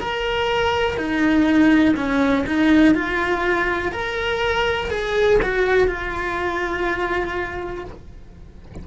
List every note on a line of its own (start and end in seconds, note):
0.00 0.97 A#4
0.97 1.95 D#4
1.96 2.45 C#4
2.47 2.94 D#4
2.94 3.92 F4
3.92 4.90 A#4
4.90 5.40 G#4
5.42 5.87 F#4
5.87 7.84 F4